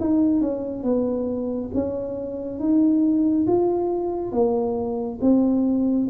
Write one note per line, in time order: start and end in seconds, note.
0.00 0.41 D#4
0.41 0.84 C#4
0.84 1.71 B3
1.74 2.60 C#4
2.60 3.47 D#4
3.47 4.32 F4
4.32 5.19 A#3
5.21 6.08 C4